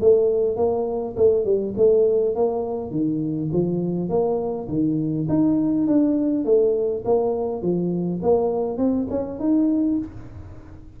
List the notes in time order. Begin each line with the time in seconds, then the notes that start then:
0.00 A3
0.56 A#3
1.16 A3
1.44 G3
1.76 A3
2.35 A#3
2.90 D#3
3.52 F3
4.09 A#3
4.68 D#3
5.28 D#4
5.87 D4
6.45 A3
7.05 A#3
7.61 F3
8.22 A#3
8.77 C4
9.10 C#4
9.39 D#4